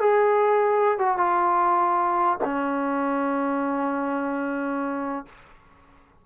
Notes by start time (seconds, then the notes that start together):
0.00 G#4
0.98 F#4
1.17 F4
2.44 C#4